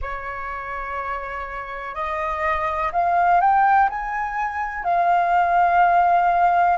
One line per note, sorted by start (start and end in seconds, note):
0.01 1.94 C#5
1.94 2.91 D#5
2.92 3.40 F5
3.40 3.89 G5
3.89 4.83 G#5
4.83 6.77 F5